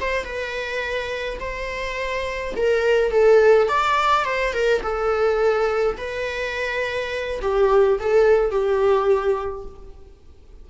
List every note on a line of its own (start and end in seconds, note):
0.00 0.24 C5
0.24 1.38 B4
1.39 2.54 C5
2.56 3.11 A#4
3.11 3.68 A4
3.68 4.24 D5
4.24 4.53 C5
4.53 4.81 A#4
4.82 5.96 A4
5.97 7.39 B4
7.41 7.98 G4
7.99 8.50 A4
8.50 9.65 G4